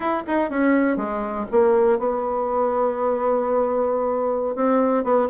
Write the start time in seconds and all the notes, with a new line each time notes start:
0.00 E4
0.27 D#4
0.50 C#4
0.96 G#3
1.51 A#3
1.99 B3
4.55 C4
5.04 B3